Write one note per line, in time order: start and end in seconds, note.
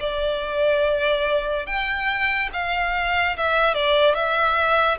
0.00 1.66 D5
1.66 2.50 G5
2.53 3.37 F5
3.37 3.75 E5
3.75 4.15 D5
4.15 4.98 E5